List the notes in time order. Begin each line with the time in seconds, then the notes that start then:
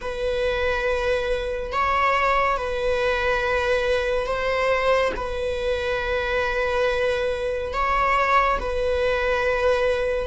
0.01 B4
1.72 C#5
2.57 B4
4.26 C5
5.15 B4
7.73 C#5
8.59 B4